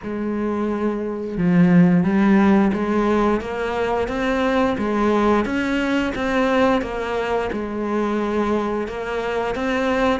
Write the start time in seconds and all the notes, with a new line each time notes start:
0.03 G#3
1.37 F3
2.03 G3
2.73 G#3
3.40 A#3
4.08 C4
4.78 G#3
5.45 C#4
6.15 C4
6.81 A#3
7.52 G#3
8.87 A#3
9.55 C4